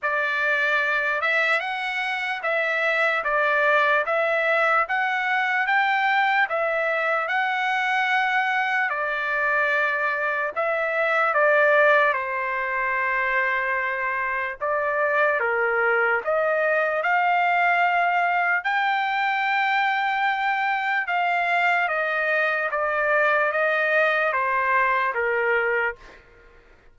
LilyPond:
\new Staff \with { instrumentName = "trumpet" } { \time 4/4 \tempo 4 = 74 d''4. e''8 fis''4 e''4 | d''4 e''4 fis''4 g''4 | e''4 fis''2 d''4~ | d''4 e''4 d''4 c''4~ |
c''2 d''4 ais'4 | dis''4 f''2 g''4~ | g''2 f''4 dis''4 | d''4 dis''4 c''4 ais'4 | }